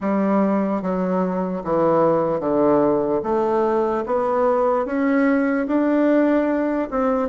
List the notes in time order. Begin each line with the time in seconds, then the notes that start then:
0.00 G3
0.81 F#3
1.64 E3
2.40 D3
3.23 A3
4.05 B3
4.85 C#4
5.67 D4
6.91 C4